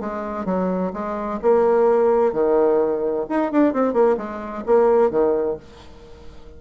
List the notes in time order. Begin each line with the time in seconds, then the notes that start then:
0.00 G#3
0.45 F#3
0.93 G#3
1.42 A#3
2.33 D#3
3.29 D#4
3.51 D4
3.73 C4
3.93 A#3
4.17 G#3
4.66 A#3
5.10 D#3